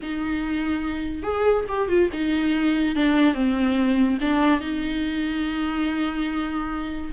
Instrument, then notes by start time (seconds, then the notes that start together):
viola
0.02 D#4
1.23 G#4
1.68 G4
1.88 F4
2.12 D#4
2.95 D4
3.34 C4
4.21 D4
4.60 D#4